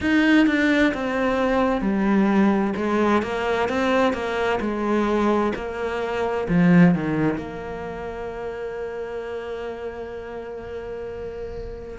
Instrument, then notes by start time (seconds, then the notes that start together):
cello
0.00 D#4
0.47 D4
0.94 C4
1.81 G3
2.76 G#3
3.22 A#3
3.68 C4
4.13 A#3
4.60 G#3
5.55 A#3
6.48 F3
6.94 D#3
7.37 A#3